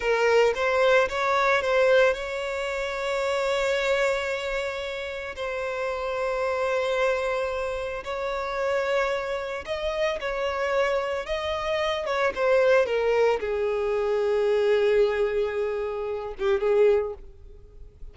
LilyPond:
\new Staff \with { instrumentName = "violin" } { \time 4/4 \tempo 4 = 112 ais'4 c''4 cis''4 c''4 | cis''1~ | cis''2 c''2~ | c''2. cis''4~ |
cis''2 dis''4 cis''4~ | cis''4 dis''4. cis''8 c''4 | ais'4 gis'2.~ | gis'2~ gis'8 g'8 gis'4 | }